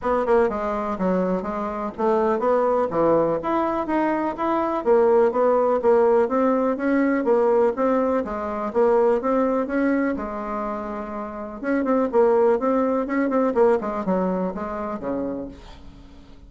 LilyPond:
\new Staff \with { instrumentName = "bassoon" } { \time 4/4 \tempo 4 = 124 b8 ais8 gis4 fis4 gis4 | a4 b4 e4 e'4 | dis'4 e'4 ais4 b4 | ais4 c'4 cis'4 ais4 |
c'4 gis4 ais4 c'4 | cis'4 gis2. | cis'8 c'8 ais4 c'4 cis'8 c'8 | ais8 gis8 fis4 gis4 cis4 | }